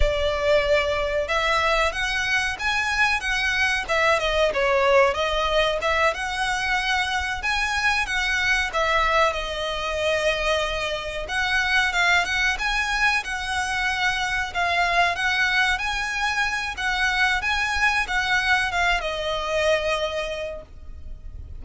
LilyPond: \new Staff \with { instrumentName = "violin" } { \time 4/4 \tempo 4 = 93 d''2 e''4 fis''4 | gis''4 fis''4 e''8 dis''8 cis''4 | dis''4 e''8 fis''2 gis''8~ | gis''8 fis''4 e''4 dis''4.~ |
dis''4. fis''4 f''8 fis''8 gis''8~ | gis''8 fis''2 f''4 fis''8~ | fis''8 gis''4. fis''4 gis''4 | fis''4 f''8 dis''2~ dis''8 | }